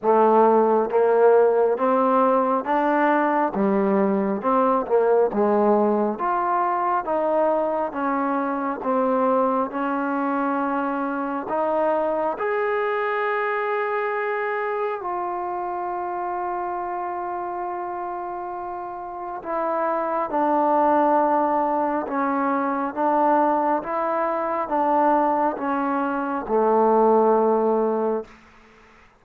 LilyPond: \new Staff \with { instrumentName = "trombone" } { \time 4/4 \tempo 4 = 68 a4 ais4 c'4 d'4 | g4 c'8 ais8 gis4 f'4 | dis'4 cis'4 c'4 cis'4~ | cis'4 dis'4 gis'2~ |
gis'4 f'2.~ | f'2 e'4 d'4~ | d'4 cis'4 d'4 e'4 | d'4 cis'4 a2 | }